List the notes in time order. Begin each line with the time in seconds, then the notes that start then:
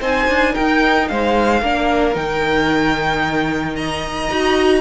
0.00 C4 D#4 C5 G#5
0.28 D4
0.52 D#4 A#4 G5
1.08 G#3 C5 F5
1.61 A#3 D4 A#4
2.13 D#3 D#4 G5
3.75 D#5 A#5
4.30 D#4 F#4